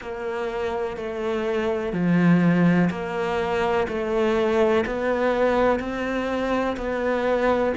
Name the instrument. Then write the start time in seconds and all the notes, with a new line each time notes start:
cello
0.00 A#3
0.96 A3
1.93 F3
2.90 A#3
3.88 A3
4.86 B3
5.79 C4
6.76 B3